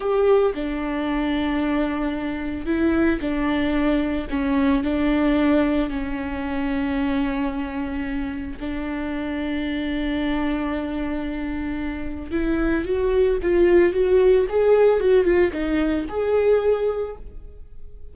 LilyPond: \new Staff \with { instrumentName = "viola" } { \time 4/4 \tempo 4 = 112 g'4 d'2.~ | d'4 e'4 d'2 | cis'4 d'2 cis'4~ | cis'1 |
d'1~ | d'2. e'4 | fis'4 f'4 fis'4 gis'4 | fis'8 f'8 dis'4 gis'2 | }